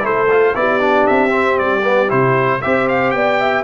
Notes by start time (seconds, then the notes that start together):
0.00 A3 E4 A4 C5
0.31 F4
0.54 B3 E4 G4 D5
0.80 D4
1.07 C4 E5
1.29 C4
1.58 G3 D5
1.84 B3
2.08 C3 E4 C5
2.62 C4 G4 C5 E5
2.88 F5
3.11 B3 D5 G5
3.40 E5